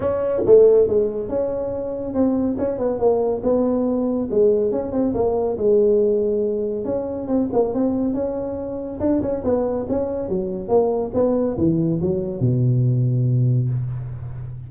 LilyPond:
\new Staff \with { instrumentName = "tuba" } { \time 4/4 \tempo 4 = 140 cis'4 a4 gis4 cis'4~ | cis'4 c'4 cis'8 b8 ais4 | b2 gis4 cis'8 c'8 | ais4 gis2. |
cis'4 c'8 ais8 c'4 cis'4~ | cis'4 d'8 cis'8 b4 cis'4 | fis4 ais4 b4 e4 | fis4 b,2. | }